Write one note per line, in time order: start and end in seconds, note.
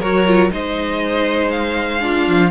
0.00 0.52 F#3
0.00 0.27 F#4
0.00 0.50 A#4
0.00 0.51 C#5
0.27 0.49 F4
0.49 2.28 G#3
0.49 1.99 D#4
0.49 2.03 C5
0.49 1.51 D#5
1.51 2.51 F5
2.00 2.50 D4
2.00 2.51 F4
2.28 2.51 F3